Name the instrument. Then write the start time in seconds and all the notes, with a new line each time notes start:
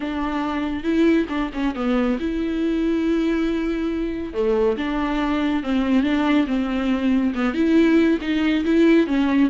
viola
0.00 D4
0.83 E4
1.29 D4
1.53 C#4
1.75 B3
2.19 E4
4.33 A3
4.77 D4
5.63 C4
6.03 D4
6.47 C4
7.34 B3
7.54 E4
8.21 D#4
8.64 E4
9.06 C#4